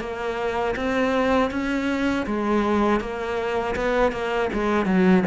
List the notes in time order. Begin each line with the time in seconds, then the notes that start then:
0.00 A#3
0.76 C4
1.51 C#4
2.26 G#3
3.00 A#3
3.75 B3
4.12 A#3
4.53 G#3
4.85 F#3